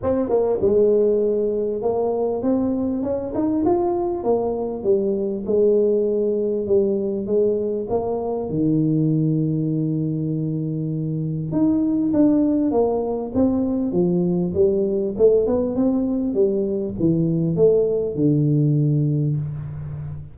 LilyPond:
\new Staff \with { instrumentName = "tuba" } { \time 4/4 \tempo 4 = 99 c'8 ais8 gis2 ais4 | c'4 cis'8 dis'8 f'4 ais4 | g4 gis2 g4 | gis4 ais4 dis2~ |
dis2. dis'4 | d'4 ais4 c'4 f4 | g4 a8 b8 c'4 g4 | e4 a4 d2 | }